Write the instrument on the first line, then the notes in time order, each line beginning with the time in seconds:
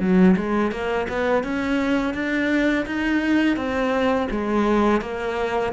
cello
0.00 F#3
0.36 G#3
0.71 A#3
1.09 B3
1.44 C#4
2.14 D4
2.86 D#4
3.56 C4
4.31 G#3
5.01 A#3